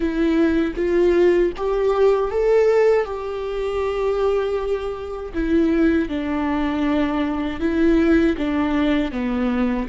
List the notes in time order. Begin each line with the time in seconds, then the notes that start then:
0.00 E4
0.76 F4
1.56 G4
2.31 A4
3.04 G4
5.33 E4
6.09 D4
7.59 E4
8.38 D4
9.11 B3